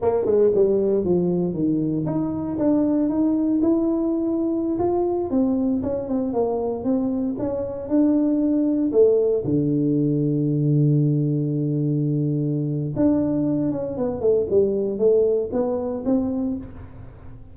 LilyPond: \new Staff \with { instrumentName = "tuba" } { \time 4/4 \tempo 4 = 116 ais8 gis8 g4 f4 dis4 | dis'4 d'4 dis'4 e'4~ | e'4~ e'16 f'4 c'4 cis'8 c'16~ | c'16 ais4 c'4 cis'4 d'8.~ |
d'4~ d'16 a4 d4.~ d16~ | d1~ | d4 d'4. cis'8 b8 a8 | g4 a4 b4 c'4 | }